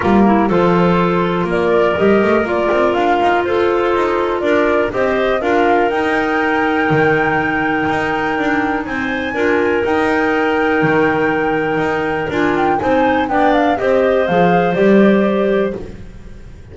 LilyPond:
<<
  \new Staff \with { instrumentName = "flute" } { \time 4/4 \tempo 4 = 122 ais'4 c''2 d''4 | dis''4 d''4 f''4 c''4~ | c''4 d''4 dis''4 f''4 | g''1~ |
g''2 gis''2 | g''1~ | g''4 gis''8 g''8 gis''4 g''8 f''8 | dis''4 f''4 d''2 | }
  \new Staff \with { instrumentName = "clarinet" } { \time 4/4 f'8 e'8 a'2 ais'4~ | ais'2. a'4~ | a'4 ais'4 c''4 ais'4~ | ais'1~ |
ais'2 c''4 ais'4~ | ais'1~ | ais'2 c''4 d''4 | c''1 | }
  \new Staff \with { instrumentName = "clarinet" } { \time 4/4 ais4 f'2. | g'4 f'2.~ | f'2 g'4 f'4 | dis'1~ |
dis'2. f'4 | dis'1~ | dis'4 f'4 dis'4 d'4 | g'4 gis'4 g'2 | }
  \new Staff \with { instrumentName = "double bass" } { \time 4/4 g4 f2 ais4 | g8 a8 ais8 c'8 d'8 dis'8 f'4 | dis'4 d'4 c'4 d'4 | dis'2 dis2 |
dis'4 d'4 c'4 d'4 | dis'2 dis2 | dis'4 d'4 c'4 b4 | c'4 f4 g2 | }
>>